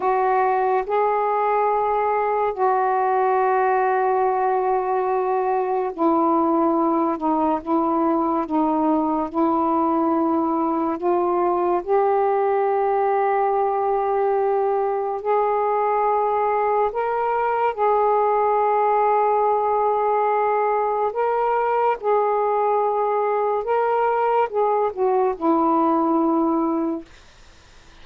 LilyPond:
\new Staff \with { instrumentName = "saxophone" } { \time 4/4 \tempo 4 = 71 fis'4 gis'2 fis'4~ | fis'2. e'4~ | e'8 dis'8 e'4 dis'4 e'4~ | e'4 f'4 g'2~ |
g'2 gis'2 | ais'4 gis'2.~ | gis'4 ais'4 gis'2 | ais'4 gis'8 fis'8 e'2 | }